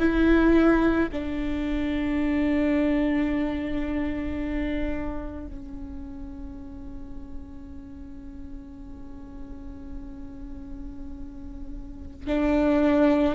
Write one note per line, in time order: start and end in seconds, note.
0.00 1.09 E4
1.13 5.47 D4
5.47 12.28 C#4
12.28 13.35 D4